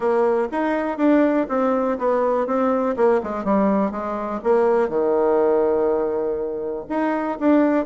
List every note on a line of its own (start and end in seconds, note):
0.00 0.48 A#3
0.51 0.97 D#4
0.97 1.46 D4
1.48 1.97 C4
1.98 2.46 B3
2.46 2.95 C4
2.96 3.21 A#3
3.23 3.44 G#3
3.44 3.91 G3
3.91 4.40 G#3
4.43 4.88 A#3
4.88 6.85 D#3
6.89 7.38 D#4
7.39 7.85 D4